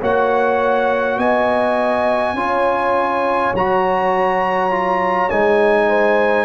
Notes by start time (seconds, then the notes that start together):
0.00 A#3 F#4 C#5 F#5
1.17 B3 D#5 G#5
2.33 C#4 F4 C#5
3.53 F#3 F#4 A#5
4.70 F4
5.30 G#3 D#4 G#5
5.88 C5